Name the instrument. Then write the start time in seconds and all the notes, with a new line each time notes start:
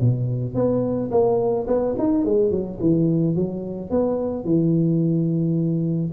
tuba
0.00 B2
0.55 B3
1.11 A#3
1.67 B3
1.99 D#4
2.25 G#3
2.51 F#3
2.80 E3
3.36 F#3
3.91 B3
4.44 E3